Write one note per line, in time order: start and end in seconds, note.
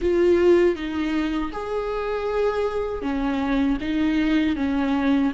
0.01 0.75 F4
0.75 1.51 D#4
1.52 3.01 G#4
3.01 3.77 C#4
3.80 4.56 D#4
4.56 5.32 C#4